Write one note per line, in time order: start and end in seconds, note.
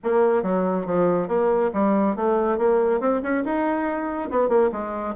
0.03 0.43 A#3
0.43 0.86 F#3
0.86 1.28 F3
1.28 1.70 A#3
1.73 2.15 G3
2.15 2.58 A3
2.58 3.00 A#3
3.00 3.21 C4
3.22 3.44 C#4
3.44 4.30 D#4
4.30 4.48 B3
4.48 4.70 A#3
4.72 5.14 G#3